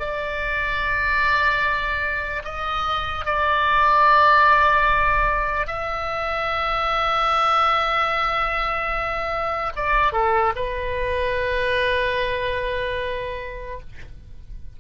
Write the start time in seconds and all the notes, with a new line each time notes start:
0.00 D5
2.45 D#5
3.25 D5
5.68 E5
9.76 D5
10.13 A4
10.56 B4